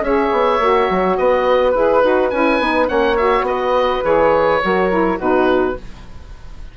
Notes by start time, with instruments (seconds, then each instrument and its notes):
0.00 bassoon C#4, saxophone G#4, flute C#5, oboe E5
0.32 bassoon B3
0.59 bassoon A#3, saxophone F#4
0.90 bassoon F#3
1.17 bassoon B3, flute B4, oboe D#5
1.71 bassoon E4, saxophone G#4, oboe B4
2.02 bassoon D#4, saxophone F#4
2.30 bassoon C#4, saxophone E4, oboe G#5
2.60 bassoon B3, saxophone D#4
2.88 bassoon A#3, saxophone C#4, flute C#5, oboe F#5
3.17 saxophone F#4, oboe E5
3.42 bassoon B3, oboe D#5
3.48 flute B4
4.03 bassoon E3, saxophone G#4, oboe C#5
4.62 bassoon F#3, saxophone F#4, flute A#4
4.90 saxophone E4
5.17 bassoon B2, saxophone D#4, flute F#4, oboe B4